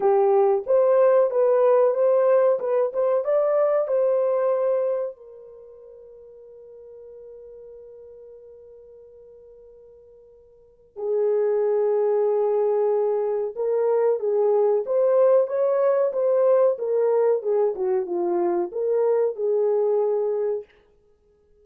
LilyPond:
\new Staff \with { instrumentName = "horn" } { \time 4/4 \tempo 4 = 93 g'4 c''4 b'4 c''4 | b'8 c''8 d''4 c''2 | ais'1~ | ais'1~ |
ais'4 gis'2.~ | gis'4 ais'4 gis'4 c''4 | cis''4 c''4 ais'4 gis'8 fis'8 | f'4 ais'4 gis'2 | }